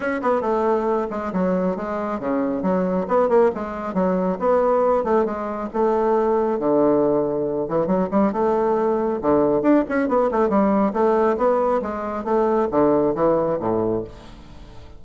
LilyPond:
\new Staff \with { instrumentName = "bassoon" } { \time 4/4 \tempo 4 = 137 cis'8 b8 a4. gis8 fis4 | gis4 cis4 fis4 b8 ais8 | gis4 fis4 b4. a8 | gis4 a2 d4~ |
d4. e8 fis8 g8 a4~ | a4 d4 d'8 cis'8 b8 a8 | g4 a4 b4 gis4 | a4 d4 e4 a,4 | }